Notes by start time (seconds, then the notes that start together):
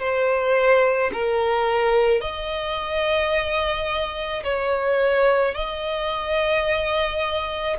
0.00 C5
1.13 A#4
2.21 D#5
4.44 C#5
5.55 D#5